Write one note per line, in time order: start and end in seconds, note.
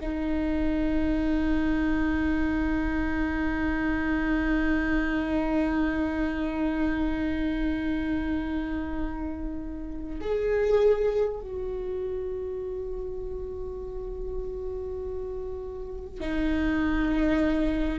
0.00 10.20 D#4
10.21 11.41 G#4
11.41 16.21 F#4
16.21 17.99 D#4